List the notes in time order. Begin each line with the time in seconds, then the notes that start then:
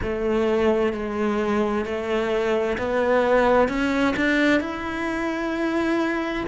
0.02 A3
0.92 G#3
1.85 A3
2.77 B3
3.68 C#4
4.16 D4
4.60 E4